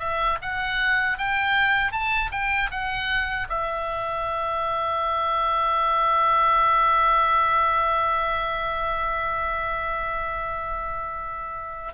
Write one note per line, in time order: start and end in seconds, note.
0.00 0.38 E5
0.42 1.19 F#5
1.19 1.92 G5
1.92 2.31 A5
2.32 2.71 G5
2.71 3.48 F#5
3.50 11.94 E5